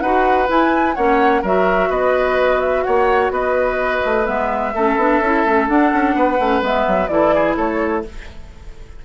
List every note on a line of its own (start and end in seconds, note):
0.00 0.48 D#4
0.00 0.47 F#4
0.00 0.95 B4
0.00 0.47 F#5
0.47 0.94 E4
0.47 0.96 E4
0.47 0.94 G#5
0.94 1.43 A#3
0.94 1.44 C#4
0.94 1.42 C#5
0.94 1.42 F#5
1.42 1.90 F#3
1.42 4.25 F#4
1.42 1.89 A#4
1.42 1.91 E5
1.89 2.84 B3
1.89 2.83 B4
1.89 2.60 D#5
2.60 2.83 E5
2.83 3.30 A#3
2.83 3.32 C#5
2.83 3.30 F#5
3.30 4.01 B3
3.30 4.74 B4
3.30 4.25 D#5
4.05 4.27 A3
4.25 4.74 G#3
4.25 4.72 B3
4.25 5.67 E5
4.74 4.96 A3
4.74 4.99 C#4
4.74 6.15 A4
4.96 5.19 B3
4.96 5.23 D4
5.20 5.44 C#4
5.20 5.47 E4
5.45 5.69 A3
5.45 5.67 C#4
5.67 6.38 D4
5.67 5.92 D4
5.67 6.62 F#5
5.93 6.15 C#4
6.15 6.38 B3
6.15 7.10 B4
6.39 6.62 A3
6.39 6.62 C#4
6.62 6.85 G#3
6.62 7.09 B3
6.62 7.07 E5
6.87 7.08 F#3
7.07 7.55 E3
7.07 8.04 E4
7.07 7.34 A4
7.07 7.54 D5
7.34 7.56 G#4
7.56 8.05 A3
7.56 8.03 A4
7.56 8.04 C#5